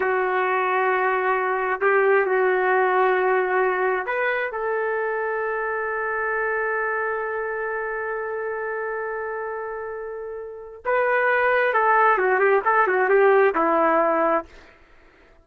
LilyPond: \new Staff \with { instrumentName = "trumpet" } { \time 4/4 \tempo 4 = 133 fis'1 | g'4 fis'2.~ | fis'4 b'4 a'2~ | a'1~ |
a'1~ | a'1 | b'2 a'4 fis'8 g'8 | a'8 fis'8 g'4 e'2 | }